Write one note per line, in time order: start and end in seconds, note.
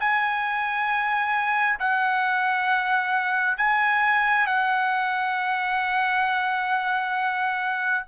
0.00 1.79 G#5
1.80 3.57 F#5
3.57 4.47 G#5
4.47 8.05 F#5